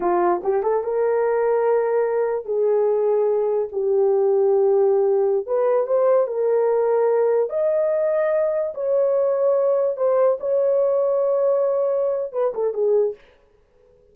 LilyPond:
\new Staff \with { instrumentName = "horn" } { \time 4/4 \tempo 4 = 146 f'4 g'8 a'8 ais'2~ | ais'2 gis'2~ | gis'4 g'2.~ | g'4~ g'16 b'4 c''4 ais'8.~ |
ais'2~ ais'16 dis''4.~ dis''16~ | dis''4~ dis''16 cis''2~ cis''8.~ | cis''16 c''4 cis''2~ cis''8.~ | cis''2 b'8 a'8 gis'4 | }